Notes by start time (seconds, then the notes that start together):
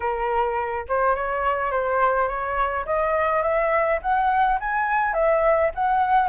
0.00 A#4
0.88 C5
1.15 C#5
1.71 C5
2.28 C#5
2.85 D#5
3.42 E5
4.02 F#5
4.59 G#5
5.13 E5
5.74 F#5